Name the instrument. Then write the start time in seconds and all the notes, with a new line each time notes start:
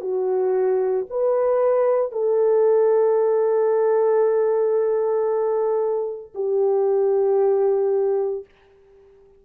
horn
0.00 F#4
1.10 B4
2.11 A4
6.34 G4